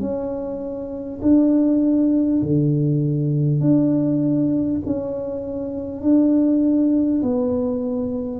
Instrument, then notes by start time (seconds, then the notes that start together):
tuba
0.00 C#4
1.21 D4
2.42 D3
3.61 D4
4.85 C#4
6.01 D4
7.22 B3